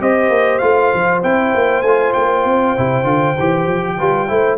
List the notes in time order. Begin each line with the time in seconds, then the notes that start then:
0.00 C4 G4 C5 D#5
0.29 A#3
0.59 A3 F4 F5
0.94 F3
1.23 C4 E4 G5
1.54 A#3
1.82 A3 F4 G#5
2.13 A#3 G5
2.45 C4
2.77 C3 E4
3.04 D3 F4
3.39 E3 G4
3.67 F3
3.97 G3 F4 B4
4.28 A3 E4 C5